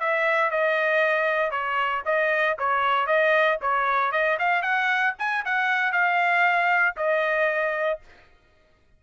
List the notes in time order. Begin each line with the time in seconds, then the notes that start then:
0.00 E5
0.51 D#5
1.51 C#5
2.05 D#5
2.59 C#5
3.07 D#5
3.62 C#5
4.12 D#5
4.39 F5
4.62 F#5
5.19 G#5
5.45 F#5
5.92 F5
6.96 D#5